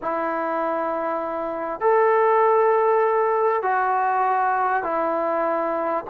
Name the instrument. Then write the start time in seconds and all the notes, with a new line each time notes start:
trombone
0.02 E4
1.80 A4
3.62 F#4
4.83 E4